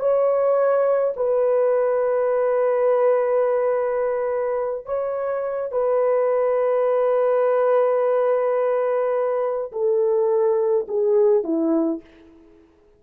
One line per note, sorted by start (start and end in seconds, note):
0.00 1.14 C#5
1.17 4.86 B4
4.86 5.72 C#5
5.72 9.72 B4
9.72 10.87 A4
10.89 11.44 G#4
11.44 12.01 E4